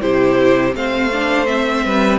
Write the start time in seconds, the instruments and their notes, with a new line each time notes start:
0.00 cello C3, viola E4, violin G4 C5
0.74 cello A3, viola C4, violin C5 F5
1.12 viola D4
1.46 viola C4, violin E5
1.85 cello G3, violin B4